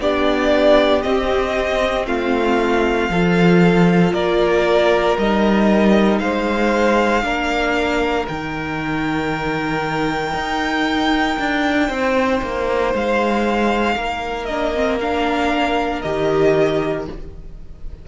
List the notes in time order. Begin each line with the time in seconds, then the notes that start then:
0.00 B3 D4 G4 D5
1.03 C4 D#5
2.07 A3 F4 F5
3.10 F3 F4 A4
4.14 A#3 A#4 D5
5.18 G3 D#4 D#5
6.19 G#3 C5 F5
7.23 A#3 D4 A#4
8.27 D#3 D#4 G5
10.34 D#4
11.39 D4
11.88 C4 C5
12.42 A#3
12.94 G#3 F5
13.96 A#3 A#4
14.45 D4 D#5
14.75 C4
15.01 D4 F5
16.02 D#3 G4 D#5